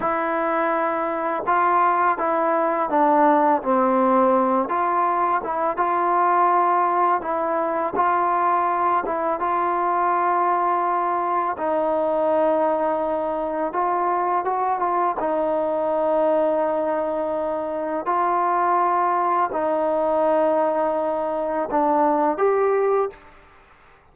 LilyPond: \new Staff \with { instrumentName = "trombone" } { \time 4/4 \tempo 4 = 83 e'2 f'4 e'4 | d'4 c'4. f'4 e'8 | f'2 e'4 f'4~ | f'8 e'8 f'2. |
dis'2. f'4 | fis'8 f'8 dis'2.~ | dis'4 f'2 dis'4~ | dis'2 d'4 g'4 | }